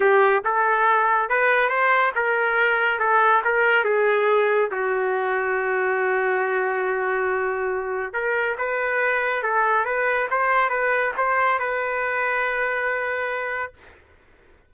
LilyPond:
\new Staff \with { instrumentName = "trumpet" } { \time 4/4 \tempo 4 = 140 g'4 a'2 b'4 | c''4 ais'2 a'4 | ais'4 gis'2 fis'4~ | fis'1~ |
fis'2. ais'4 | b'2 a'4 b'4 | c''4 b'4 c''4 b'4~ | b'1 | }